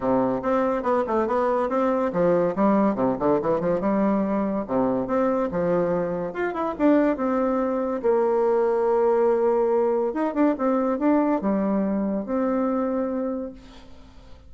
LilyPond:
\new Staff \with { instrumentName = "bassoon" } { \time 4/4 \tempo 4 = 142 c4 c'4 b8 a8 b4 | c'4 f4 g4 c8 d8 | e8 f8 g2 c4 | c'4 f2 f'8 e'8 |
d'4 c'2 ais4~ | ais1 | dis'8 d'8 c'4 d'4 g4~ | g4 c'2. | }